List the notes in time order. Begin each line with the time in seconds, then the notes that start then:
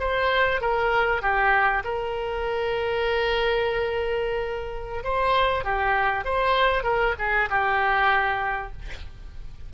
0.00 C5
0.61 A#4
1.22 G4
1.85 A#4
5.04 C5
5.65 G4
6.25 C5
6.84 A#4
7.19 G#4
7.50 G4